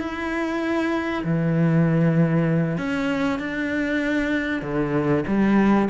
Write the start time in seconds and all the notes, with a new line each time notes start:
0.00 E4
1.24 E3
2.78 C#4
3.40 D4
4.63 D3
5.27 G3